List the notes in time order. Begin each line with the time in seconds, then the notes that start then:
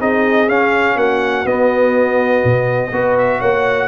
0.00 C4 D#4 G#4 D#5
0.48 C#4 F5
0.96 A#3 F#4 F#5
1.45 B3 D#5
2.44 B2
2.92 B3 F#4 B4
3.18 E5
3.39 A#3 C#5 F#5